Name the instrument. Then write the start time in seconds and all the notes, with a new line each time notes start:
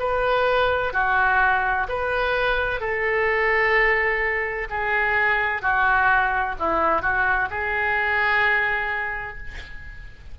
oboe
0.00 B4
0.94 F#4
1.89 B4
2.81 A4
4.70 G#4
5.62 F#4
6.59 E4
7.02 F#4
7.50 G#4